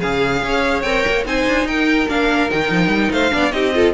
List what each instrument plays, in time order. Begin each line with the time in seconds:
0.00 cello C#3, violin G#4 F5, viola G#4
0.43 cello C#4, violin C#5
0.82 cello C4, viola A#4, violin G5
1.08 cello A#3
1.26 cello C4, viola D#4, violin C5 G#5
1.47 cello D4
1.65 cello D#4, violin A#4 G5
2.08 cello A#3, viola D4, violin F5
2.50 cello D#3, viola D#4, violin G5
2.71 cello F3
2.88 cello G3
3.12 cello A3, violin C5 F5
3.31 cello B3, viola D4, violin D5
3.52 cello C4, viola D#4, violin G4 D#5
3.74 viola F4, violin A4